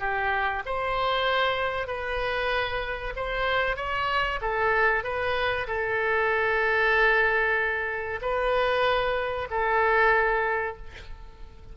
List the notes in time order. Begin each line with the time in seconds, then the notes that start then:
0.00 G4
0.66 C5
1.87 B4
3.16 C5
3.77 C#5
4.42 A4
5.04 B4
5.68 A4
8.22 B4
9.51 A4